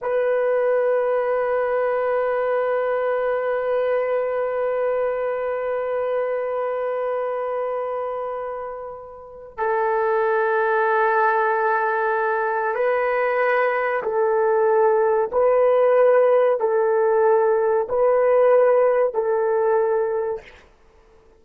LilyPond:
\new Staff \with { instrumentName = "horn" } { \time 4/4 \tempo 4 = 94 b'1~ | b'1~ | b'1~ | b'2. a'4~ |
a'1 | b'2 a'2 | b'2 a'2 | b'2 a'2 | }